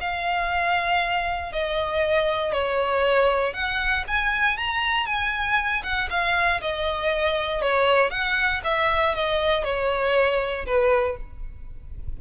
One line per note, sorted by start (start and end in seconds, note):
0.00 1.52 F5
1.52 2.52 D#5
2.52 3.53 C#5
3.53 4.04 F#5
4.07 4.57 G#5
4.57 5.06 A#5
5.06 5.82 G#5
5.83 6.08 F#5
6.10 6.61 F5
6.61 7.61 D#5
7.61 8.10 C#5
8.10 8.61 F#5
8.63 9.14 E5
9.15 9.64 D#5
9.64 10.65 C#5
10.66 11.17 B4